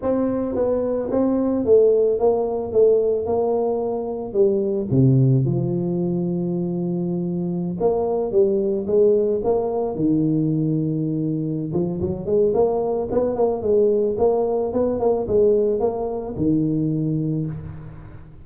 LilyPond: \new Staff \with { instrumentName = "tuba" } { \time 4/4 \tempo 4 = 110 c'4 b4 c'4 a4 | ais4 a4 ais2 | g4 c4 f2~ | f2~ f16 ais4 g8.~ |
g16 gis4 ais4 dis4.~ dis16~ | dis4. f8 fis8 gis8 ais4 | b8 ais8 gis4 ais4 b8 ais8 | gis4 ais4 dis2 | }